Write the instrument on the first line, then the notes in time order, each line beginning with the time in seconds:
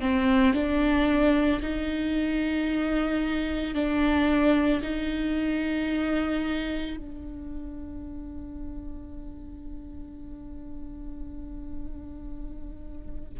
viola
0.00 C4
0.54 D4
1.61 D#4
3.74 D4
4.82 D#4
6.96 D4